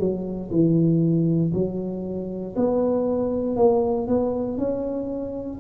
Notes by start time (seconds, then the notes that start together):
0.00 F#3
0.51 E3
1.53 F#3
2.57 B3
3.57 A#3
4.08 B3
4.59 C#4